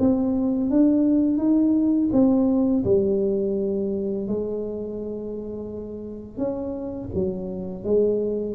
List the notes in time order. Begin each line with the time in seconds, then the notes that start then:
0.00 C4
0.70 D4
1.38 D#4
2.13 C4
2.85 G3
4.28 G#3
6.38 C#4
7.15 F#3
7.84 G#3